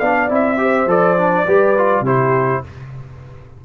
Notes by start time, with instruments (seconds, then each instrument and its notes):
0.00 tuba B3, trombone D4, horn D5, trumpet F5
0.29 tuba C4, trombone E4, trumpet E5
0.58 trombone G4, horn C5
0.86 tuba F3, trombone A4, trumpet D5
1.18 trombone D4
1.46 tuba G3, trombone G4, horn B4
1.78 trombone F4
2.01 tuba C3, trombone E4, horn G4, trumpet C5